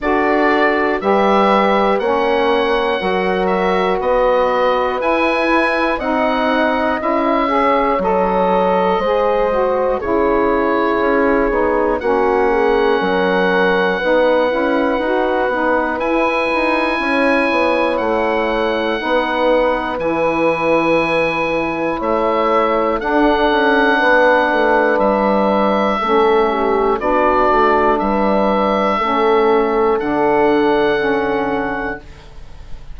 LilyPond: <<
  \new Staff \with { instrumentName = "oboe" } { \time 4/4 \tempo 4 = 60 d''4 e''4 fis''4. e''8 | dis''4 gis''4 fis''4 e''4 | dis''2 cis''2 | fis''1 |
gis''2 fis''2 | gis''2 e''4 fis''4~ | fis''4 e''2 d''4 | e''2 fis''2 | }
  \new Staff \with { instrumentName = "horn" } { \time 4/4 a'4 b'4 cis''4 ais'4 | b'2 dis''4. cis''8~ | cis''4 c''4 gis'2 | fis'8 gis'8 ais'4 b'2~ |
b'4 cis''2 b'4~ | b'2 cis''4 a'4 | b'2 a'8 g'8 fis'4 | b'4 a'2. | }
  \new Staff \with { instrumentName = "saxophone" } { \time 4/4 fis'4 g'4 cis'4 fis'4~ | fis'4 e'4 dis'4 e'8 gis'8 | a'4 gis'8 fis'8 e'4. dis'8 | cis'2 dis'8 e'8 fis'8 dis'8 |
e'2. dis'4 | e'2. d'4~ | d'2 cis'4 d'4~ | d'4 cis'4 d'4 cis'4 | }
  \new Staff \with { instrumentName = "bassoon" } { \time 4/4 d'4 g4 ais4 fis4 | b4 e'4 c'4 cis'4 | fis4 gis4 cis4 cis'8 b8 | ais4 fis4 b8 cis'8 dis'8 b8 |
e'8 dis'8 cis'8 b8 a4 b4 | e2 a4 d'8 cis'8 | b8 a8 g4 a4 b8 a8 | g4 a4 d2 | }
>>